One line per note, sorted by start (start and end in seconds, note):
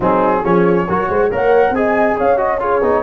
0.00 0.44 F#3
0.00 0.43 C4
0.00 0.42 D#4
0.00 0.44 G#4
0.43 0.87 F3
0.43 0.87 C#4
0.43 0.87 G#4
0.43 1.31 C#5
0.87 1.09 F#3
0.87 1.31 F#4
0.87 1.08 A#4
1.08 1.30 G#3
1.08 1.30 C5
1.31 1.70 A#3
1.31 1.74 A#4
1.31 1.75 C#5
1.31 1.74 F#5
1.70 2.14 C4
1.70 2.36 G#4
1.70 2.17 D#5
1.70 2.17 G#5
2.17 2.82 C#4
2.17 2.60 C#5
2.17 2.38 F5
2.36 2.58 F#4
2.36 2.60 D#5
2.59 2.81 F4
2.59 3.03 G#4
2.59 3.03 C#5
2.82 3.03 B3
2.82 3.03 D#4